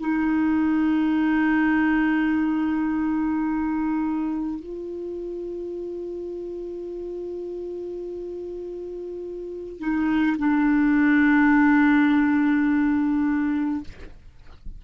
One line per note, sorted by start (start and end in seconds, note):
0.00 4.60 D#4
4.60 9.79 F4
9.79 10.37 D#4
10.38 13.85 D4